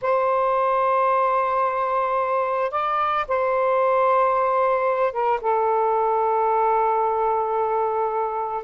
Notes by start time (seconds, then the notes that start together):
0.01 C5
2.71 D5
3.28 C5
5.12 A#4
5.41 A4